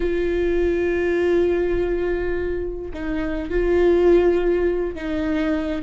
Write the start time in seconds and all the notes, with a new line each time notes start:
0.00 F4
2.93 D#4
3.50 F4
4.95 D#4